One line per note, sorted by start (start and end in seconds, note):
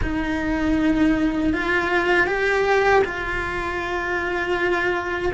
0.02 1.53 D#4
1.53 2.26 F4
2.26 3.02 G4
3.04 5.32 F4